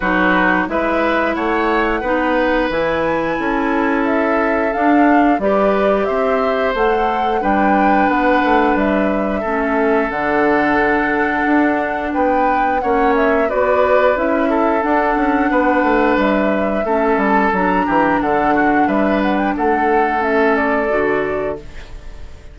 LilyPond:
<<
  \new Staff \with { instrumentName = "flute" } { \time 4/4 \tempo 4 = 89 b'4 e''4 fis''2 | gis''2 e''4 f''4 | d''4 e''4 fis''4 g''4 | fis''4 e''2 fis''4~ |
fis''2 g''4 fis''8 e''8 | d''4 e''4 fis''2 | e''4. a''8 ais''4 fis''4 | e''8 fis''16 g''16 fis''4 e''8 d''4. | }
  \new Staff \with { instrumentName = "oboe" } { \time 4/4 fis'4 b'4 cis''4 b'4~ | b'4 a'2. | b'4 c''2 b'4~ | b'2 a'2~ |
a'2 b'4 cis''4 | b'4. a'4. b'4~ | b'4 a'4. g'8 a'8 fis'8 | b'4 a'2. | }
  \new Staff \with { instrumentName = "clarinet" } { \time 4/4 dis'4 e'2 dis'4 | e'2. d'4 | g'2 a'4 d'4~ | d'2 cis'4 d'4~ |
d'2. cis'4 | fis'4 e'4 d'2~ | d'4 cis'4 d'2~ | d'2 cis'4 fis'4 | }
  \new Staff \with { instrumentName = "bassoon" } { \time 4/4 fis4 gis4 a4 b4 | e4 cis'2 d'4 | g4 c'4 a4 g4 | b8 a8 g4 a4 d4~ |
d4 d'4 b4 ais4 | b4 cis'4 d'8 cis'8 b8 a8 | g4 a8 g8 fis8 e8 d4 | g4 a2 d4 | }
>>